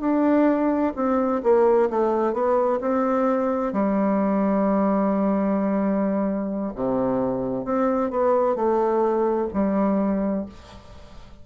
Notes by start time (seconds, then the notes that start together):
0.00 D4
0.95 C4
1.43 A#3
1.90 A3
2.33 B3
2.80 C4
3.73 G3
6.75 C3
7.64 C4
8.10 B3
8.55 A3
9.53 G3